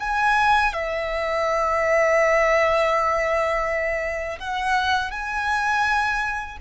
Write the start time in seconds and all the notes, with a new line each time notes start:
0.00 G#5
0.73 E5
4.40 F#5
5.12 G#5